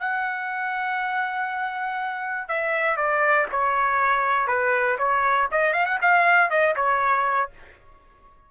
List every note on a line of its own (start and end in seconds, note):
0.00 2.48 F#5
2.48 2.97 E5
2.97 3.47 D5
3.52 4.48 C#5
4.48 4.98 B4
4.98 5.48 C#5
5.52 5.73 D#5
5.73 5.86 F5
5.86 5.99 F#5
6.02 6.50 F5
6.50 6.75 D#5
6.76 7.51 C#5